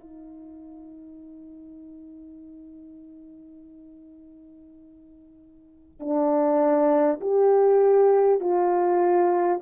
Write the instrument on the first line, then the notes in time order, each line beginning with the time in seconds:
horn
0.00 D#4
6.00 D4
7.21 G4
8.41 F4